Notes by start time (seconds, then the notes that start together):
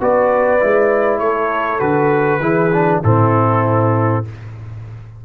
0.00 B3 F#4 B4 D5
0.60 G#3 E4
1.19 A3 A4 C#5
1.79 D3 F#4 B4
2.40 E3 E4 G#4
2.73 D4
3.03 A2 C4 E4 A4